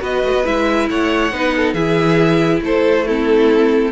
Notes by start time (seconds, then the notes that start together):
0.00 B3 F#4 B4 D#5
0.24 A3
0.34 B3
0.44 G#3 E4 E5
0.90 A3 C#5 F#5
1.32 B3 D#4 B4
1.56 A4
1.73 E3 E4 G#4 E5
2.62 A3 A4 C5
3.06 C4 E4 A4